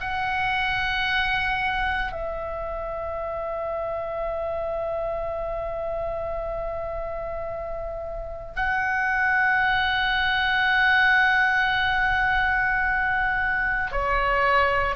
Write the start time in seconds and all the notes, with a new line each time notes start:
0.00 F#5
2.12 E5
8.56 F#5
13.91 C#5